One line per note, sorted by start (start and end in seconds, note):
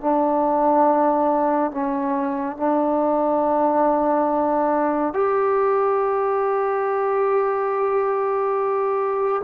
0.00 1.71 D4
1.71 2.57 C#4
2.57 5.14 D4
5.14 9.42 G4